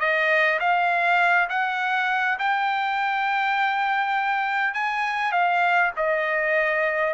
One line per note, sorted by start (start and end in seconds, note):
0.00 0.59 D#5
0.60 1.49 F5
1.49 2.38 F#5
2.39 4.74 G5
4.74 5.32 G#5
5.32 5.92 F5
5.96 7.14 D#5